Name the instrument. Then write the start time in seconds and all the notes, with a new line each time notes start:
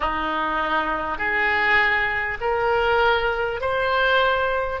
oboe
0.00 D#4
1.17 G#4
2.40 A#4
3.61 C5